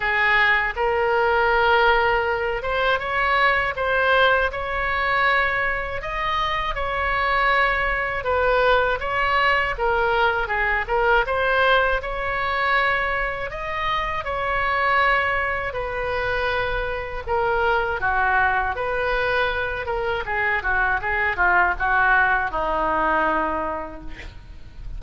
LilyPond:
\new Staff \with { instrumentName = "oboe" } { \time 4/4 \tempo 4 = 80 gis'4 ais'2~ ais'8 c''8 | cis''4 c''4 cis''2 | dis''4 cis''2 b'4 | cis''4 ais'4 gis'8 ais'8 c''4 |
cis''2 dis''4 cis''4~ | cis''4 b'2 ais'4 | fis'4 b'4. ais'8 gis'8 fis'8 | gis'8 f'8 fis'4 dis'2 | }